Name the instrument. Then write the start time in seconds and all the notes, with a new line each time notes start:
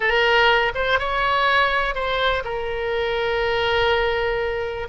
oboe
0.00 A#4
0.75 C5
0.99 C#5
1.94 C5
2.44 A#4